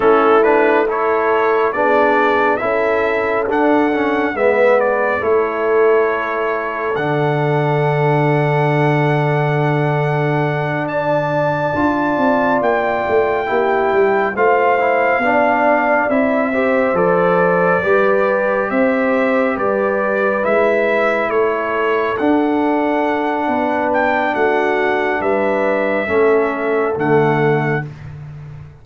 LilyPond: <<
  \new Staff \with { instrumentName = "trumpet" } { \time 4/4 \tempo 4 = 69 a'8 b'8 cis''4 d''4 e''4 | fis''4 e''8 d''8 cis''2 | fis''1~ | fis''8 a''2 g''4.~ |
g''8 f''2 e''4 d''8~ | d''4. e''4 d''4 e''8~ | e''8 cis''4 fis''2 g''8 | fis''4 e''2 fis''4 | }
  \new Staff \with { instrumentName = "horn" } { \time 4/4 e'4 a'4 gis'4 a'4~ | a'4 b'4 a'2~ | a'1~ | a'8 d''2. g'8~ |
g'8 c''4 d''4. c''4~ | c''8 b'4 c''4 b'4.~ | b'8 a'2~ a'8 b'4 | fis'4 b'4 a'2 | }
  \new Staff \with { instrumentName = "trombone" } { \time 4/4 cis'8 d'8 e'4 d'4 e'4 | d'8 cis'8 b4 e'2 | d'1~ | d'4. f'2 e'8~ |
e'8 f'8 e'8 d'4 e'8 g'8 a'8~ | a'8 g'2. e'8~ | e'4. d'2~ d'8~ | d'2 cis'4 a4 | }
  \new Staff \with { instrumentName = "tuba" } { \time 4/4 a2 b4 cis'4 | d'4 gis4 a2 | d1~ | d4. d'8 c'8 ais8 a8 ais8 |
g8 a4 b4 c'4 f8~ | f8 g4 c'4 g4 gis8~ | gis8 a4 d'4. b4 | a4 g4 a4 d4 | }
>>